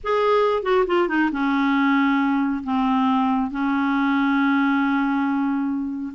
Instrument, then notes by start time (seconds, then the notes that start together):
clarinet
0.03 G#4
0.63 F#4
0.86 F4
1.08 D#4
1.32 C#4
2.63 C4
3.50 C#4